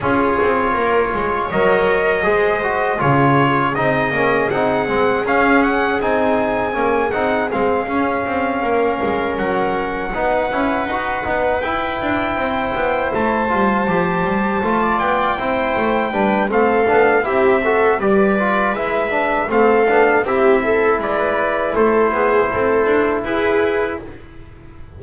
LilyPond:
<<
  \new Staff \with { instrumentName = "trumpet" } { \time 4/4 \tempo 4 = 80 cis''2 dis''2 | cis''4 dis''4 fis''4 f''8 fis''8 | gis''4. fis''8 f''2~ | f''8 fis''2. g''8~ |
g''4. a''2~ a''8 | g''2 f''4 e''4 | d''4 e''4 f''4 e''4 | d''4 c''2 b'4 | }
  \new Staff \with { instrumentName = "viola" } { \time 4/4 gis'4 ais'8 cis''4. c''4 | gis'1~ | gis'2.~ gis'8 ais'8~ | ais'4. b'2~ b'8~ |
b'8 c''2.~ c''16 d''16~ | d''8 c''4 b'8 a'4 g'8 a'8 | b'2 a'4 g'8 a'8 | b'4 a'8 gis'8 a'4 gis'4 | }
  \new Staff \with { instrumentName = "trombone" } { \time 4/4 f'2 ais'4 gis'8 fis'8 | f'4 dis'8 cis'8 dis'8 c'8 cis'4 | dis'4 cis'8 dis'8 c'8 cis'4.~ | cis'4. dis'8 e'8 fis'8 dis'8 e'8~ |
e'2 f'8 g'4 f'8~ | f'8 e'4 d'8 c'8 d'8 e'8 fis'8 | g'8 f'8 e'8 d'8 c'8 d'8 e'4~ | e'1 | }
  \new Staff \with { instrumentName = "double bass" } { \time 4/4 cis'8 c'8 ais8 gis8 fis4 gis4 | cis4 c'8 ais8 c'8 gis8 cis'4 | c'4 ais8 c'8 gis8 cis'8 c'8 ais8 | gis8 fis4 b8 cis'8 dis'8 b8 e'8 |
d'8 c'8 b8 a8 g8 f8 g8 a8 | b8 c'8 a8 g8 a8 b8 c'4 | g4 gis4 a8 b8 c'4 | gis4 a8 b8 c'8 d'8 e'4 | }
>>